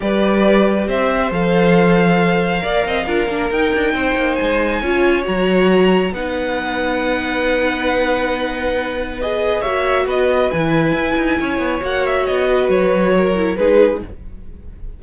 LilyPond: <<
  \new Staff \with { instrumentName = "violin" } { \time 4/4 \tempo 4 = 137 d''2 e''4 f''4~ | f''1 | g''2 gis''2 | ais''2 fis''2~ |
fis''1~ | fis''4 dis''4 e''4 dis''4 | gis''2. fis''8 e''8 | dis''4 cis''2 b'4 | }
  \new Staff \with { instrumentName = "violin" } { \time 4/4 b'2 c''2~ | c''2 d''8 dis''8 ais'4~ | ais'4 c''2 cis''4~ | cis''2 b'2~ |
b'1~ | b'2 cis''4 b'4~ | b'2 cis''2~ | cis''8 b'4. ais'4 gis'4 | }
  \new Staff \with { instrumentName = "viola" } { \time 4/4 g'2. a'4~ | a'2 ais'4 f'8 d'8 | dis'2. f'4 | fis'2 dis'2~ |
dis'1~ | dis'4 gis'4 fis'2 | e'2. fis'4~ | fis'2~ fis'8 e'8 dis'4 | }
  \new Staff \with { instrumentName = "cello" } { \time 4/4 g2 c'4 f4~ | f2 ais8 c'8 d'8 ais8 | dis'8 d'8 c'8 ais8 gis4 cis'4 | fis2 b2~ |
b1~ | b2 ais4 b4 | e4 e'8 dis'8 cis'8 b8 ais4 | b4 fis2 gis4 | }
>>